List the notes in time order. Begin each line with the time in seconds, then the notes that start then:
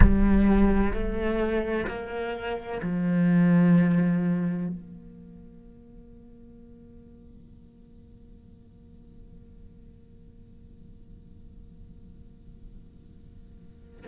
0.00 G3
0.93 A3
1.87 A#3
2.82 F3
4.67 A#3